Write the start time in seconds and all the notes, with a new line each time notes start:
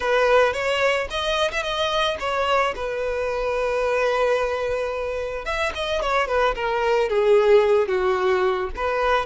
0.00 B4
0.53 C#5
1.10 D#5
1.51 E5
1.62 D#5
2.19 C#5
2.75 B4
5.45 E5
5.74 D#5
6.01 C#5
6.27 B4
6.55 A#4
7.09 G#4
7.88 F#4
8.75 B4